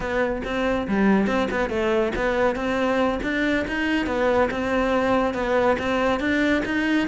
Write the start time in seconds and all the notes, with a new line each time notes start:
0.00 B3
0.44 C4
0.87 G3
1.26 C4
1.50 B3
1.69 A3
2.15 B3
2.55 C4
3.22 D4
3.67 D#4
4.06 B3
4.51 C4
5.34 B3
5.78 C4
6.19 D4
6.65 D#4